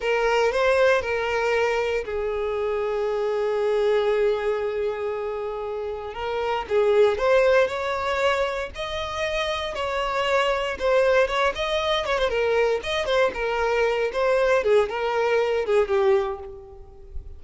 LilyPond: \new Staff \with { instrumentName = "violin" } { \time 4/4 \tempo 4 = 117 ais'4 c''4 ais'2 | gis'1~ | gis'1 | ais'4 gis'4 c''4 cis''4~ |
cis''4 dis''2 cis''4~ | cis''4 c''4 cis''8 dis''4 cis''16 c''16 | ais'4 dis''8 c''8 ais'4. c''8~ | c''8 gis'8 ais'4. gis'8 g'4 | }